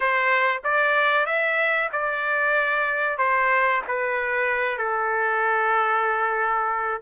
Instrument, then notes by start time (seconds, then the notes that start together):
trumpet
0.00 C5
0.64 D5
1.26 E5
1.92 D5
3.18 C5
3.87 B4
4.78 A4